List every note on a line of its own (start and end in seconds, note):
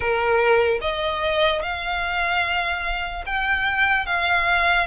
0.00 0.79 A#4
0.81 1.62 D#5
1.62 3.24 F5
3.25 4.05 G5
4.05 4.86 F5